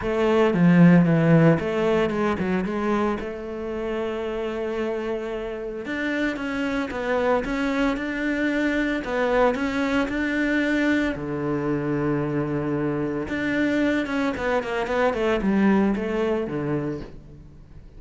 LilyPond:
\new Staff \with { instrumentName = "cello" } { \time 4/4 \tempo 4 = 113 a4 f4 e4 a4 | gis8 fis8 gis4 a2~ | a2. d'4 | cis'4 b4 cis'4 d'4~ |
d'4 b4 cis'4 d'4~ | d'4 d2.~ | d4 d'4. cis'8 b8 ais8 | b8 a8 g4 a4 d4 | }